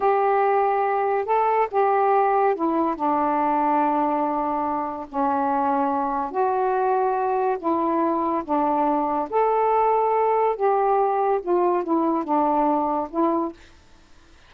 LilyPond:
\new Staff \with { instrumentName = "saxophone" } { \time 4/4 \tempo 4 = 142 g'2. a'4 | g'2 e'4 d'4~ | d'1 | cis'2. fis'4~ |
fis'2 e'2 | d'2 a'2~ | a'4 g'2 f'4 | e'4 d'2 e'4 | }